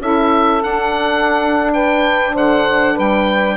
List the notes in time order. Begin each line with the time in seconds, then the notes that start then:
0.00 C#4 E4 A4 E5
0.62 D4 F#5
1.73 B4 G5
2.33 D3 C5 F#5
2.94 G3 B4 G5